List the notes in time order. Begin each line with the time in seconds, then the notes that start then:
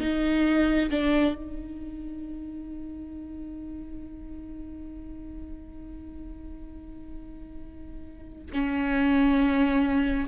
0.00 D#4
0.90 D4
1.34 D#4
8.52 C#4